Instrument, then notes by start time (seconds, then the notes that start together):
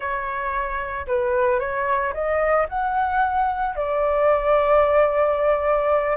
flute
0.00 C#5
1.07 B4
1.59 C#5
2.13 D#5
2.68 F#5
3.75 D5